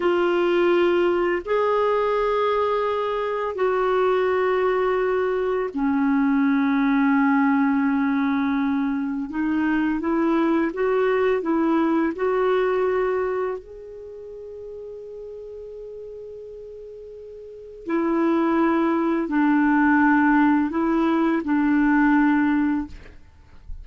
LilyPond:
\new Staff \with { instrumentName = "clarinet" } { \time 4/4 \tempo 4 = 84 f'2 gis'2~ | gis'4 fis'2. | cis'1~ | cis'4 dis'4 e'4 fis'4 |
e'4 fis'2 gis'4~ | gis'1~ | gis'4 e'2 d'4~ | d'4 e'4 d'2 | }